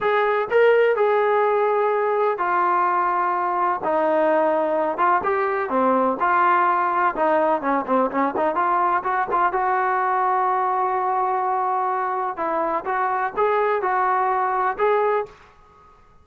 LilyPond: \new Staff \with { instrumentName = "trombone" } { \time 4/4 \tempo 4 = 126 gis'4 ais'4 gis'2~ | gis'4 f'2. | dis'2~ dis'8 f'8 g'4 | c'4 f'2 dis'4 |
cis'8 c'8 cis'8 dis'8 f'4 fis'8 f'8 | fis'1~ | fis'2 e'4 fis'4 | gis'4 fis'2 gis'4 | }